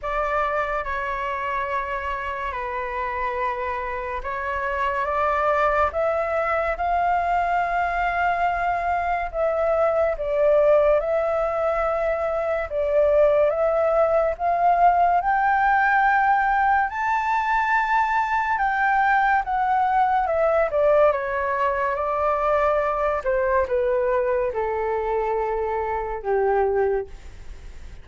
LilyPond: \new Staff \with { instrumentName = "flute" } { \time 4/4 \tempo 4 = 71 d''4 cis''2 b'4~ | b'4 cis''4 d''4 e''4 | f''2. e''4 | d''4 e''2 d''4 |
e''4 f''4 g''2 | a''2 g''4 fis''4 | e''8 d''8 cis''4 d''4. c''8 | b'4 a'2 g'4 | }